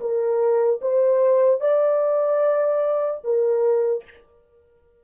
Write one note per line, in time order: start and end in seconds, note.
0.00 0.80 A#4
0.81 1.61 C5
1.61 3.21 D5
3.24 4.04 A#4